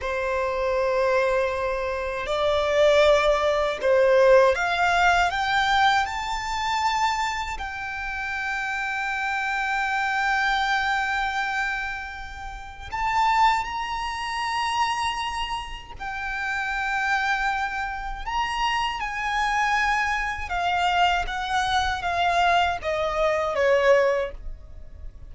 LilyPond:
\new Staff \with { instrumentName = "violin" } { \time 4/4 \tempo 4 = 79 c''2. d''4~ | d''4 c''4 f''4 g''4 | a''2 g''2~ | g''1~ |
g''4 a''4 ais''2~ | ais''4 g''2. | ais''4 gis''2 f''4 | fis''4 f''4 dis''4 cis''4 | }